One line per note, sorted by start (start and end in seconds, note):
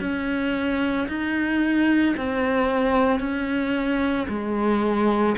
0.00 1.07 C#4
1.08 2.15 D#4
2.16 3.19 C4
3.19 4.27 C#4
4.28 5.35 G#3